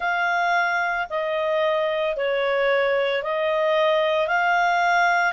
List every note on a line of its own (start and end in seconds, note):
0.00 1.07 F5
1.10 2.16 D#5
2.16 3.22 C#5
3.22 4.27 D#5
4.27 5.33 F5